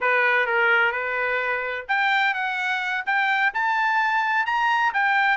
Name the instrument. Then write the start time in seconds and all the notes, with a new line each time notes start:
trumpet
0.00 B4
0.46 A#4
0.92 B4
1.88 G5
2.34 F#5
3.06 G5
3.53 A5
4.46 A#5
4.93 G5